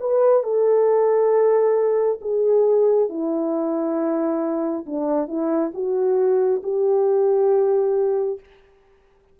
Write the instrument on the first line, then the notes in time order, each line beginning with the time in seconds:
horn
0.00 B4
0.43 A4
2.21 G#4
3.09 E4
4.86 D4
5.28 E4
5.74 F#4
6.63 G4